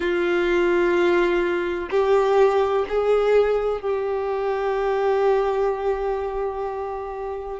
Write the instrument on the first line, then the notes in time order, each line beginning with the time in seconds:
violin
0.00 F4
1.90 G4
2.88 G#4
3.81 G4